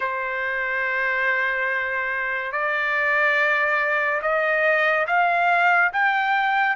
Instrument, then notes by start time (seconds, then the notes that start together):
trumpet
0.00 C5
2.52 D5
4.22 D#5
5.07 F5
5.92 G5